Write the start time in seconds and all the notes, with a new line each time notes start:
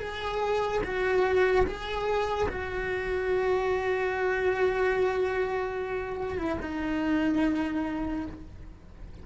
0.00 G#4
0.84 F#4
1.67 G#4
2.49 F#4
6.38 E4
6.62 D#4